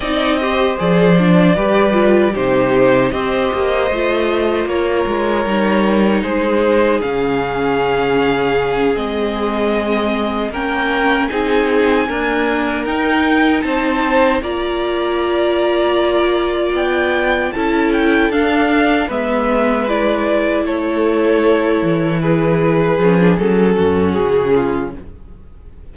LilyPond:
<<
  \new Staff \with { instrumentName = "violin" } { \time 4/4 \tempo 4 = 77 dis''4 d''2 c''4 | dis''2 cis''2 | c''4 f''2~ f''8 dis''8~ | dis''4. g''4 gis''4.~ |
gis''8 g''4 a''4 ais''4.~ | ais''4. g''4 a''8 g''8 f''8~ | f''8 e''4 d''4 cis''4.~ | cis''8 b'4. a'4 gis'4 | }
  \new Staff \with { instrumentName = "violin" } { \time 4/4 d''8 c''4. b'4 g'4 | c''2 ais'2 | gis'1~ | gis'4. ais'4 gis'4 ais'8~ |
ais'4. c''4 d''4.~ | d''2~ d''8 a'4.~ | a'8 b'2 a'4.~ | a'8 gis'2 fis'4 f'8 | }
  \new Staff \with { instrumentName = "viola" } { \time 4/4 dis'8 g'8 gis'8 d'8 g'8 f'8 dis'4 | g'4 f'2 dis'4~ | dis'4 cis'2~ cis'8 c'8~ | c'4. cis'4 dis'4 ais8~ |
ais8 dis'2 f'4.~ | f'2~ f'8 e'4 d'8~ | d'8 b4 e'2~ e'8~ | e'4. cis'16 d'16 cis'2 | }
  \new Staff \with { instrumentName = "cello" } { \time 4/4 c'4 f4 g4 c4 | c'8 ais8 a4 ais8 gis8 g4 | gis4 cis2~ cis8 gis8~ | gis4. ais4 c'4 d'8~ |
d'8 dis'4 c'4 ais4.~ | ais4. b4 cis'4 d'8~ | d'8 gis2 a4. | e4. f8 fis8 fis,8 cis4 | }
>>